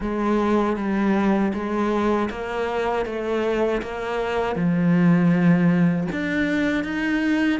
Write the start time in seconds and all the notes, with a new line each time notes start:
0.00 G#3
0.76 G3
1.53 G#3
2.30 A#3
3.05 A3
3.82 A#3
4.55 F3
6.11 D4
6.84 D#4